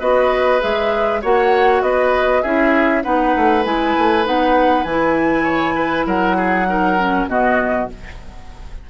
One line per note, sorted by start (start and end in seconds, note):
0.00 0.61 B3
0.00 0.60 F#4
0.00 1.21 B4
0.00 0.61 D#5
0.60 1.24 G#3
0.60 1.21 G#4
0.60 1.22 E5
1.21 1.82 A#3
1.21 2.44 F#4
1.21 1.82 C#5
1.21 1.82 F#5
1.82 2.43 B3
1.82 2.42 B4
1.82 2.42 D#5
2.42 3.04 C#4
2.42 3.03 E4
2.42 3.03 G#4
2.42 3.03 E5
3.03 3.35 B3
3.03 3.64 D#4
3.03 5.44 B4
3.03 3.64 F#5
3.36 3.65 A3
3.64 3.96 G#3
3.64 4.24 E4
3.64 4.25 G#5
3.98 4.26 A3
4.24 4.84 B3
4.24 4.85 D#4
4.24 4.84 F#5
4.84 6.05 E3
4.84 6.67 E4
4.84 6.05 G#5
5.44 5.74 C#5
5.76 6.06 B4
6.06 7.27 F#3
6.06 6.36 A#4
6.06 7.29 F#5
6.37 6.67 G#4
6.67 6.97 D#4
6.67 7.29 A#4
6.98 7.29 C#4
7.27 7.88 B2
7.27 7.89 B3
7.27 7.90 F#4
7.27 7.90 D#5